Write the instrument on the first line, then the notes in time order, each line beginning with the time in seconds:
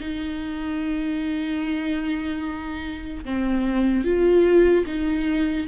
viola
0.00 D#4
3.25 C4
4.04 F4
4.86 D#4